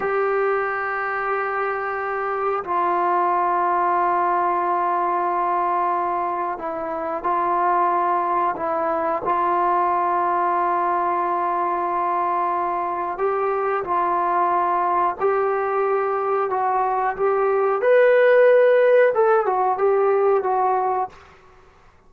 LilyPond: \new Staff \with { instrumentName = "trombone" } { \time 4/4 \tempo 4 = 91 g'1 | f'1~ | f'2 e'4 f'4~ | f'4 e'4 f'2~ |
f'1 | g'4 f'2 g'4~ | g'4 fis'4 g'4 b'4~ | b'4 a'8 fis'8 g'4 fis'4 | }